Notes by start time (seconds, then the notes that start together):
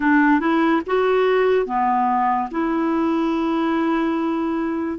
0.00 D4
0.39 E4
0.86 F#4
1.66 B3
2.51 E4